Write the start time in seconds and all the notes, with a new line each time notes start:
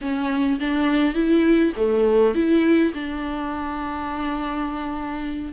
0.01 C#4
0.60 D4
1.14 E4
1.76 A3
2.34 E4
2.93 D4